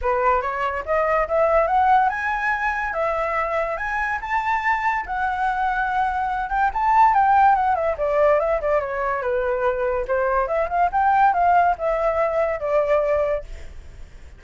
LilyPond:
\new Staff \with { instrumentName = "flute" } { \time 4/4 \tempo 4 = 143 b'4 cis''4 dis''4 e''4 | fis''4 gis''2 e''4~ | e''4 gis''4 a''2 | fis''2.~ fis''8 g''8 |
a''4 g''4 fis''8 e''8 d''4 | e''8 d''8 cis''4 b'2 | c''4 e''8 f''8 g''4 f''4 | e''2 d''2 | }